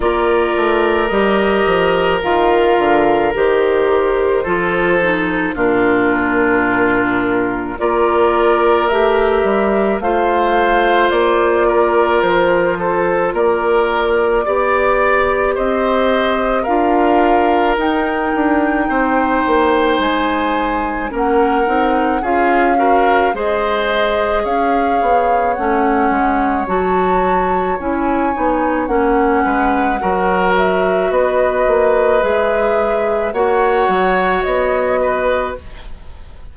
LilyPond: <<
  \new Staff \with { instrumentName = "flute" } { \time 4/4 \tempo 4 = 54 d''4 dis''4 f''4 c''4~ | c''4 ais'2 d''4 | e''4 f''4 d''4 c''4 | d''2 dis''4 f''4 |
g''2 gis''4 fis''4 | f''4 dis''4 f''4 fis''4 | a''4 gis''4 fis''4. e''8 | dis''4 e''4 fis''4 dis''4 | }
  \new Staff \with { instrumentName = "oboe" } { \time 4/4 ais'1 | a'4 f'2 ais'4~ | ais'4 c''4. ais'4 a'8 | ais'4 d''4 c''4 ais'4~ |
ais'4 c''2 ais'4 | gis'8 ais'8 c''4 cis''2~ | cis''2~ cis''8 b'8 ais'4 | b'2 cis''4. b'8 | }
  \new Staff \with { instrumentName = "clarinet" } { \time 4/4 f'4 g'4 f'4 g'4 | f'8 dis'8 d'2 f'4 | g'4 f'2.~ | f'4 g'2 f'4 |
dis'2. cis'8 dis'8 | f'8 fis'8 gis'2 cis'4 | fis'4 e'8 dis'8 cis'4 fis'4~ | fis'4 gis'4 fis'2 | }
  \new Staff \with { instrumentName = "bassoon" } { \time 4/4 ais8 a8 g8 f8 dis8 d8 dis4 | f4 ais,2 ais4 | a8 g8 a4 ais4 f4 | ais4 b4 c'4 d'4 |
dis'8 d'8 c'8 ais8 gis4 ais8 c'8 | cis'4 gis4 cis'8 b8 a8 gis8 | fis4 cis'8 b8 ais8 gis8 fis4 | b8 ais8 gis4 ais8 fis8 b4 | }
>>